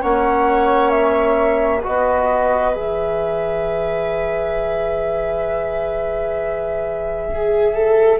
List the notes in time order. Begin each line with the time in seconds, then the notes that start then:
0.00 A#3 C#4 C#5 F#5
0.90 E5
1.80 F#4 B4 D#5
1.87 B3
2.74 E3 G#4 E5
7.31 G#4
7.75 A4